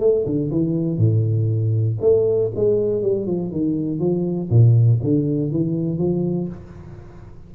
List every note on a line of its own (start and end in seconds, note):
0.00 0.25 A3
0.26 0.51 D3
0.51 0.98 E3
0.98 1.98 A2
2.01 2.51 A3
2.56 3.02 G#3
3.02 3.27 G3
3.27 3.52 F3
3.52 4.00 D#3
4.00 4.50 F3
4.50 5.00 A#2
5.04 5.52 D3
5.52 5.98 E3
5.98 6.48 F3